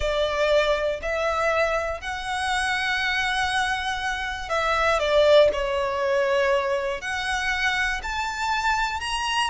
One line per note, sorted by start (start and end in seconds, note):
0.00 1.00 D5
1.02 2.00 E5
2.00 4.49 F#5
4.49 4.99 E5
4.99 5.49 D5
5.52 7.01 C#5
7.01 8.01 F#5
8.02 9.00 A5
9.00 9.50 A#5